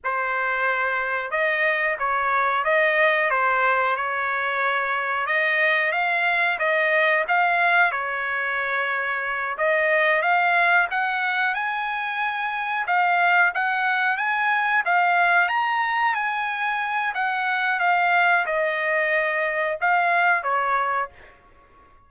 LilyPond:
\new Staff \with { instrumentName = "trumpet" } { \time 4/4 \tempo 4 = 91 c''2 dis''4 cis''4 | dis''4 c''4 cis''2 | dis''4 f''4 dis''4 f''4 | cis''2~ cis''8 dis''4 f''8~ |
f''8 fis''4 gis''2 f''8~ | f''8 fis''4 gis''4 f''4 ais''8~ | ais''8 gis''4. fis''4 f''4 | dis''2 f''4 cis''4 | }